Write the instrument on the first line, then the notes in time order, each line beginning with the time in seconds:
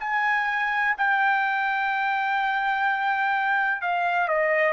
trumpet
0.00 G#5
0.97 G5
3.82 F5
4.28 D#5